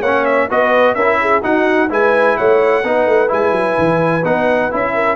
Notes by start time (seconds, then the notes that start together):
0.00 A#3 C#4 C#5 F#5
0.25 E5
0.50 B3 F#4 B4 D#5
0.95 C#4 E4 A#4 E5
1.21 G#4
1.43 D#4 F#4 F#5
1.90 G#3 E4 B4 G#5
2.37 A3 C#5 F#5
2.84 B3 D#4 B4
3.07 A3
3.28 G#3 E4 G#5
3.52 F#3
3.79 E3
4.24 B3 D#4 F#5
4.71 C#4 E4 E5
4.94 A#4